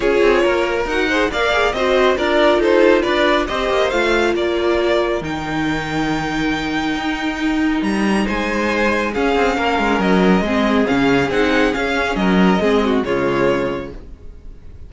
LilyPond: <<
  \new Staff \with { instrumentName = "violin" } { \time 4/4 \tempo 4 = 138 cis''2 fis''4 f''4 | dis''4 d''4 c''4 d''4 | dis''4 f''4 d''2 | g''1~ |
g''2 ais''4 gis''4~ | gis''4 f''2 dis''4~ | dis''4 f''4 fis''4 f''4 | dis''2 cis''2 | }
  \new Staff \with { instrumentName = "violin" } { \time 4/4 gis'4 ais'4. c''8 d''4 | c''4 ais'4 a'4 b'4 | c''2 ais'2~ | ais'1~ |
ais'2. c''4~ | c''4 gis'4 ais'2 | gis'1 | ais'4 gis'8 fis'8 f'2 | }
  \new Staff \with { instrumentName = "viola" } { \time 4/4 f'2 fis'8 gis'8 ais'8 gis'8 | fis'4 f'2. | g'4 f'2. | dis'1~ |
dis'1~ | dis'4 cis'2. | c'4 cis'4 dis'4 cis'4~ | cis'4 c'4 gis2 | }
  \new Staff \with { instrumentName = "cello" } { \time 4/4 cis'8 c'8 ais4 dis'4 ais4 | c'4 d'4 dis'4 d'4 | c'8 ais8 a4 ais2 | dis1 |
dis'2 g4 gis4~ | gis4 cis'8 c'8 ais8 gis8 fis4 | gis4 cis4 c'4 cis'4 | fis4 gis4 cis2 | }
>>